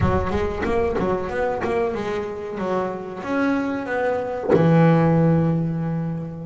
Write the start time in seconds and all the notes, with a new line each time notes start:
0.00 F#3
0.30 G#3
0.64 A#3
0.99 F#3
1.29 B3
1.64 A#3
1.94 G#3
2.58 F#3
3.23 C#4
3.86 B3
4.53 E3